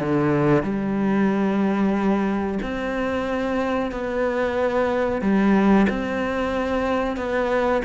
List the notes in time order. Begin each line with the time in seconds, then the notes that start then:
0.00 D3
0.63 G3
2.62 C4
3.92 B3
5.22 G3
5.90 C4
7.17 B3